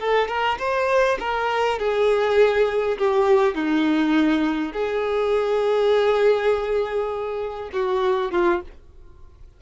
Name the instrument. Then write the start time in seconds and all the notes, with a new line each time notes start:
violin
0.00 A4
0.28 A#4
0.59 C5
1.20 A#4
1.79 G#4
2.98 G4
3.55 D#4
4.73 G#4
7.73 F#4
8.32 F4